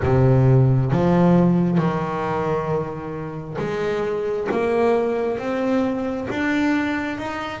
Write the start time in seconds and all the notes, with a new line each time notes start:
0.02 C3
0.91 F3
1.78 D#3
3.58 G#3
4.51 A#3
5.38 C4
6.29 D4
7.18 D#4